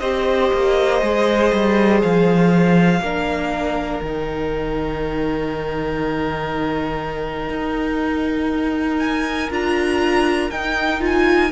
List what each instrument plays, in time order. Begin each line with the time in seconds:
0.00 cello C4, viola G4, violin C5 D#5
0.53 cello A#3
1.01 cello G#3, viola G#4
1.53 cello G3
2.03 cello F3, violin F5
3.01 cello A#3, viola D4, violin A#4
4.02 cello D#3, viola D#4, violin G5
7.50 cello D#4
9.00 violin G#5
9.50 cello D4, viola F4, violin A#5
10.51 cello D#4, viola D#4, violin G5
11.01 viola F4, violin G#5